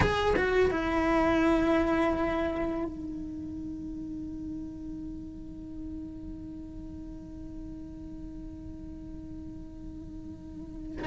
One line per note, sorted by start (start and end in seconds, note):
0.00 0.34 G#4
0.36 0.70 F#4
0.70 2.84 E4
2.84 11.06 D#4